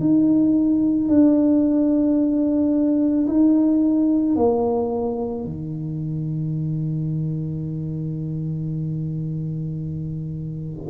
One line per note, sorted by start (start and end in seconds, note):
0.00 1.08 D#4
1.08 3.26 D4
3.27 4.35 D#4
4.35 5.44 A#3
5.44 10.89 D#3